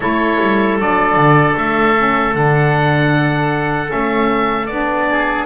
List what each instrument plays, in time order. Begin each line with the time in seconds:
0.00 double bass A3, saxophone E4, oboe A4 C#5
0.40 double bass G3
0.78 double bass F#3, saxophone D4, oboe D5
1.16 double bass D3
1.57 double bass A3, oboe E5
1.96 saxophone C#4
2.33 double bass D3, saxophone D4, oboe F#5
3.86 saxophone C#4, oboe E5
3.93 double bass A3
4.66 double bass B3, saxophone D4, oboe D5
5.10 oboe G#4